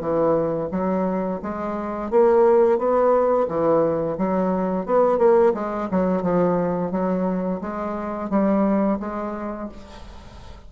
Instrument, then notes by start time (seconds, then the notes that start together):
bassoon
0.00 E3
0.71 F#3
1.42 G#3
2.11 A#3
2.78 B3
3.48 E3
4.18 F#3
4.86 B3
5.18 A#3
5.54 G#3
5.91 F#3
6.22 F3
6.92 F#3
7.61 G#3
8.30 G3
9.00 G#3